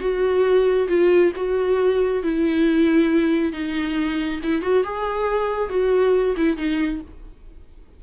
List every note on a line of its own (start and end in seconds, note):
0.00 0.88 F#4
0.88 1.32 F4
1.36 2.23 F#4
2.23 3.53 E4
3.53 4.40 D#4
4.43 4.62 E4
4.62 4.84 F#4
4.84 5.70 G#4
5.70 6.35 F#4
6.37 6.57 E4
6.57 7.01 D#4